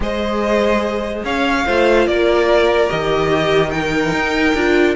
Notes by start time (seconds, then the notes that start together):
0.00 G#3 G#4 C5 D#5
1.24 C#4 C#5 F5
1.66 A3 F4 C5
2.06 A#3 A#4 D5
2.89 D#3 G4 D#5
3.29 G4
3.70 D#4 A#4 G5
4.12 D#4
4.54 D4 F4